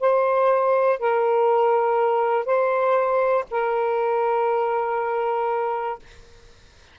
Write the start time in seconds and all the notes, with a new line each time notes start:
0.00 C5
0.99 A#4
2.45 C5
3.50 A#4